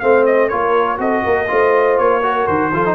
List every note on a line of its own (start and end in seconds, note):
0.00 0.52 A3
0.00 0.51 C4
0.00 0.50 C5
0.00 0.25 F5
0.26 0.49 D#5
0.49 0.99 A#3
0.49 0.97 F4
0.49 0.99 A#4
0.49 0.98 C#5
0.97 1.23 C4
0.97 1.47 F#4
0.97 1.24 A4
0.97 1.99 D#5
1.25 1.51 A#3
1.25 1.49 A#4
1.48 1.99 A3
1.48 2.22 F4
1.48 2.24 C5
1.99 2.48 A#3
1.99 2.47 C#5
2.23 2.72 F#4
2.23 2.73 A#4
2.47 2.73 D#3
2.47 2.95 C5
2.73 2.95 F3
2.73 2.86 F4
2.73 2.95 A4
2.86 2.95 D#4